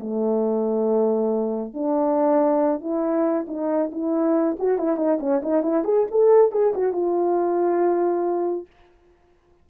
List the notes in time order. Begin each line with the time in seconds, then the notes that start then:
0.00 A3
1.74 D4
2.81 E4
3.47 D#4
3.92 E4
4.59 F#4
4.78 E4
4.97 D#4
5.20 C#4
5.43 D#4
5.63 E4
5.84 G#4
6.11 A4
6.52 G#4
6.74 F#4
6.93 F4